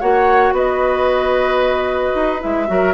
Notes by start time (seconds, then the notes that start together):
0.00 A#3 F#4 C#5 F#5
0.52 B3 B4 D#5
2.15 D#4
2.40 G#3 E4 E5
2.67 F#3 F#4 A#4